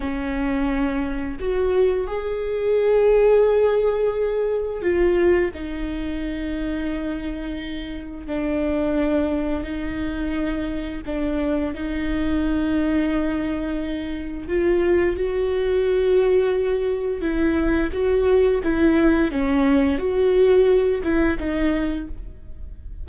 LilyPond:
\new Staff \with { instrumentName = "viola" } { \time 4/4 \tempo 4 = 87 cis'2 fis'4 gis'4~ | gis'2. f'4 | dis'1 | d'2 dis'2 |
d'4 dis'2.~ | dis'4 f'4 fis'2~ | fis'4 e'4 fis'4 e'4 | cis'4 fis'4. e'8 dis'4 | }